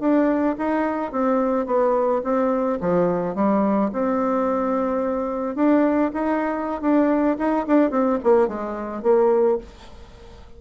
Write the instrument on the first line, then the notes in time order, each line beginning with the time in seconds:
bassoon
0.00 D4
0.58 D#4
1.12 C4
1.67 B3
2.24 C4
2.81 F3
3.35 G3
3.93 C4
5.56 D4
6.14 D#4
6.82 D4
7.39 D#4
7.68 D4
7.91 C4
8.24 A#3
8.48 G#3
9.03 A#3